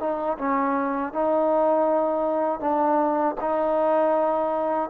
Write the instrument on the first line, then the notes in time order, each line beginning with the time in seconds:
trombone
0.00 D#4
0.39 C#4
1.13 D#4
2.60 D4
3.41 D#4